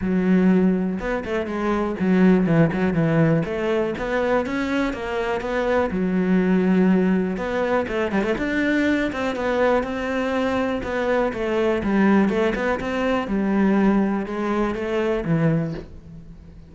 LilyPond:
\new Staff \with { instrumentName = "cello" } { \time 4/4 \tempo 4 = 122 fis2 b8 a8 gis4 | fis4 e8 fis8 e4 a4 | b4 cis'4 ais4 b4 | fis2. b4 |
a8 g16 a16 d'4. c'8 b4 | c'2 b4 a4 | g4 a8 b8 c'4 g4~ | g4 gis4 a4 e4 | }